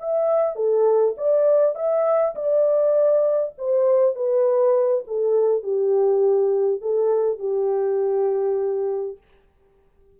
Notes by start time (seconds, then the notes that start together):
0.00 E5
0.56 A4
1.18 D5
1.76 E5
2.35 D5
3.58 C5
4.15 B4
5.07 A4
5.63 G4
6.82 A4
7.40 G4